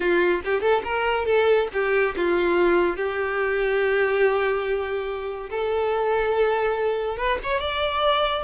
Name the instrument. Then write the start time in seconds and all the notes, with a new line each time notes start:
violin
0.00 F4
0.45 G4
0.61 A4
0.84 A#4
1.25 A4
1.73 G4
2.16 F4
2.96 G4
5.49 A4
7.17 B4
7.43 C#5
7.60 D5